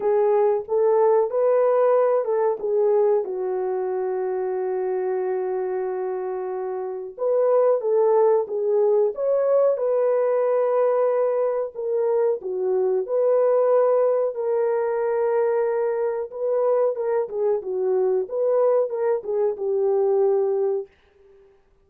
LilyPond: \new Staff \with { instrumentName = "horn" } { \time 4/4 \tempo 4 = 92 gis'4 a'4 b'4. a'8 | gis'4 fis'2.~ | fis'2. b'4 | a'4 gis'4 cis''4 b'4~ |
b'2 ais'4 fis'4 | b'2 ais'2~ | ais'4 b'4 ais'8 gis'8 fis'4 | b'4 ais'8 gis'8 g'2 | }